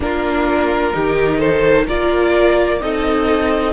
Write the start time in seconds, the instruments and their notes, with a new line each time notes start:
0.00 cello A#3, viola D4, violin F4 A#4
0.93 cello D#3, viola D#4, violin G4
1.38 violin A4 C5
1.86 cello A#3, viola F4, violin A#4 D5
2.79 cello C4, viola D#4, violin A4 D#5